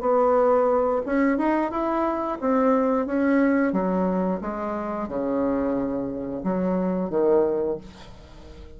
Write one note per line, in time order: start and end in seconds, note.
0.00 1.01 B3
1.05 1.38 C#4
1.38 1.70 D#4
1.70 2.38 E4
2.40 3.06 C4
3.06 3.72 C#4
3.72 4.40 F#3
4.41 5.08 G#3
5.08 6.43 C#3
6.43 7.09 F#3
7.09 7.77 D#3